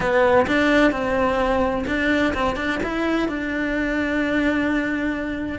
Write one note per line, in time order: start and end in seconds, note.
0.00 0.46 B3
0.47 0.91 D4
0.91 1.84 C4
1.87 2.33 D4
2.34 2.55 C4
2.55 2.79 D4
2.83 3.28 E4
3.28 5.58 D4